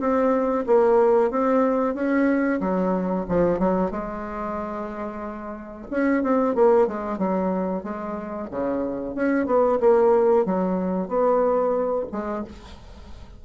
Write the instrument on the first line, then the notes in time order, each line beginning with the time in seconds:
bassoon
0.00 C4
0.67 A#3
1.31 C4
1.95 C#4
2.61 F#3
3.29 F3
3.59 F#3
3.91 G#3
5.91 C#4
6.23 C4
6.55 A#3
6.87 G#3
7.19 F#3
7.84 G#3
8.51 C#3
9.15 C#4
9.47 B3
9.80 A#3
10.46 F#3
11.08 B3
12.12 G#3